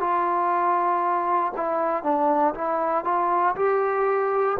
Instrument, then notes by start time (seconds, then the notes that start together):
trombone
0.00 F4
1.56 E4
2.03 D4
2.54 E4
3.05 F4
3.55 G4